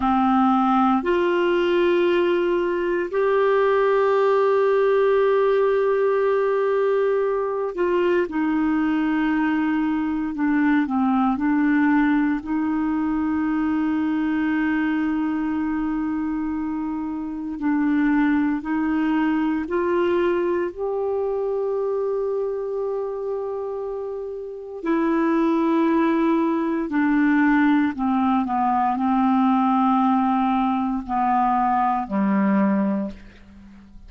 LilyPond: \new Staff \with { instrumentName = "clarinet" } { \time 4/4 \tempo 4 = 58 c'4 f'2 g'4~ | g'2.~ g'8 f'8 | dis'2 d'8 c'8 d'4 | dis'1~ |
dis'4 d'4 dis'4 f'4 | g'1 | e'2 d'4 c'8 b8 | c'2 b4 g4 | }